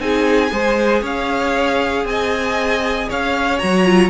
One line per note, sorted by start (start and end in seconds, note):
0.00 0.51 C4
0.00 0.51 D#4
0.00 0.52 G#4
0.00 1.04 G#5
0.51 1.03 G#3
0.51 3.59 G#4
0.51 1.02 C5
1.02 2.05 C#4
1.02 2.05 C#5
1.02 2.07 F5
2.05 3.07 C4
2.05 3.09 D#5
2.05 3.09 G#5
3.09 3.62 C#4
3.09 4.11 C#5
3.09 3.59 F5
3.59 4.11 F#3
3.59 3.85 F#4
3.59 4.10 A#5
3.85 4.11 F4